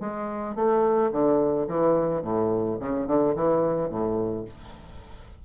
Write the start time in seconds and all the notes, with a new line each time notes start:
0.00 G#3
0.56 A3
1.12 D3
1.68 E3
2.22 A2
2.80 C#3
3.07 D3
3.36 E3
3.90 A2